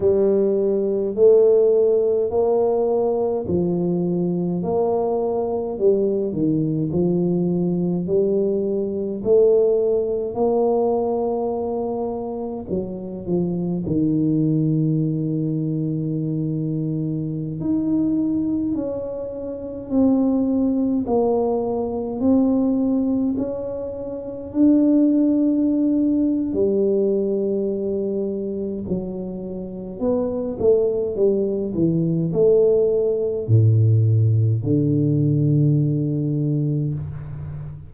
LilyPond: \new Staff \with { instrumentName = "tuba" } { \time 4/4 \tempo 4 = 52 g4 a4 ais4 f4 | ais4 g8 dis8 f4 g4 | a4 ais2 fis8 f8 | dis2.~ dis16 dis'8.~ |
dis'16 cis'4 c'4 ais4 c'8.~ | c'16 cis'4 d'4.~ d'16 g4~ | g4 fis4 b8 a8 g8 e8 | a4 a,4 d2 | }